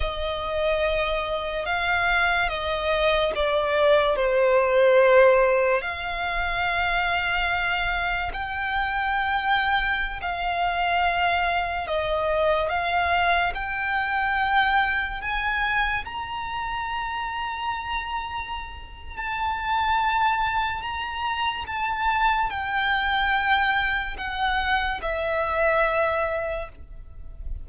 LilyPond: \new Staff \with { instrumentName = "violin" } { \time 4/4 \tempo 4 = 72 dis''2 f''4 dis''4 | d''4 c''2 f''4~ | f''2 g''2~ | g''16 f''2 dis''4 f''8.~ |
f''16 g''2 gis''4 ais''8.~ | ais''2. a''4~ | a''4 ais''4 a''4 g''4~ | g''4 fis''4 e''2 | }